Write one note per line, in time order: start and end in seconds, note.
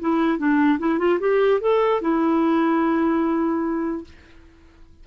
0.00 0.38 E4
0.38 0.79 D4
0.79 0.99 E4
0.99 1.19 F4
1.20 1.60 G4
1.61 2.01 A4
2.01 4.04 E4